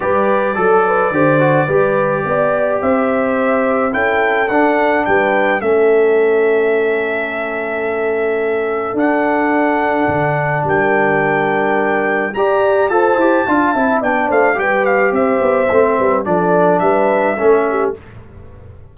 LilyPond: <<
  \new Staff \with { instrumentName = "trumpet" } { \time 4/4 \tempo 4 = 107 d''1~ | d''4 e''2 g''4 | fis''4 g''4 e''2~ | e''1 |
fis''2. g''4~ | g''2 ais''4 a''4~ | a''4 g''8 f''8 g''8 f''8 e''4~ | e''4 d''4 e''2 | }
  \new Staff \with { instrumentName = "horn" } { \time 4/4 b'4 a'8 b'8 c''4 b'4 | d''4 c''2 a'4~ | a'4 b'4 a'2~ | a'1~ |
a'2. ais'4~ | ais'2 d''4 c''4 | f''8 e''8 d''8 c''8 b'4 c''4~ | c''8 b'8 a'4 b'4 a'8 g'8 | }
  \new Staff \with { instrumentName = "trombone" } { \time 4/4 g'4 a'4 g'8 fis'8 g'4~ | g'2. e'4 | d'2 cis'2~ | cis'1 |
d'1~ | d'2 g'4 a'8 g'8 | f'8 e'8 d'4 g'2 | c'4 d'2 cis'4 | }
  \new Staff \with { instrumentName = "tuba" } { \time 4/4 g4 fis4 d4 g4 | b4 c'2 cis'4 | d'4 g4 a2~ | a1 |
d'2 d4 g4~ | g2 g'4 f'8 e'8 | d'8 c'8 b8 a8 g4 c'8 b8 | a8 g8 f4 g4 a4 | }
>>